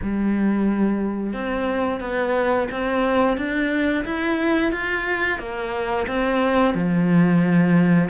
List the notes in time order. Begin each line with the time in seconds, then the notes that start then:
0.02 G3
1.33 C4
2.00 B3
2.71 C4
3.37 D4
4.04 E4
4.72 F4
5.38 A#3
6.07 C4
6.74 F3